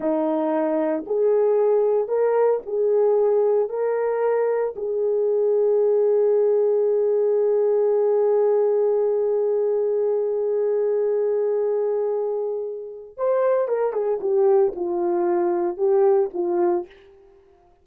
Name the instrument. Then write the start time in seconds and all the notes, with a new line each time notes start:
horn
0.00 D#4
1.06 G#4
2.08 A#4
2.66 G#4
3.69 A#4
4.76 G#4
13.17 C5
13.67 A#4
13.93 G#4
14.20 G4
14.75 F4
15.77 G4
16.33 F4